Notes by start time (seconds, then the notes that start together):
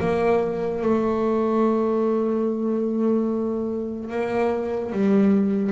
0.00 A#3
0.82 A3
4.10 A#3
4.92 G3